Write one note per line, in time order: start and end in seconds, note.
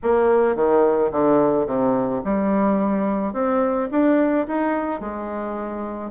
0.03 0.55 A#3
0.55 1.11 D#3
1.11 1.66 D3
1.66 2.21 C3
2.24 3.33 G3
3.33 3.88 C4
3.91 4.46 D4
4.47 5.00 D#4
5.00 6.10 G#3